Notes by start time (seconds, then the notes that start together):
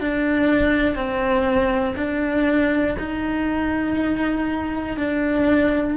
0.00 D4
0.96 C4
1.97 D4
2.99 D#4
4.97 D4